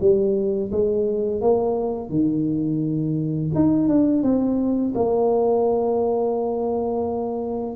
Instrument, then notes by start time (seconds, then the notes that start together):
tuba
0.00 G3
0.71 G#3
1.41 A#3
2.09 D#3
3.54 D#4
3.88 D4
4.22 C4
4.94 A#3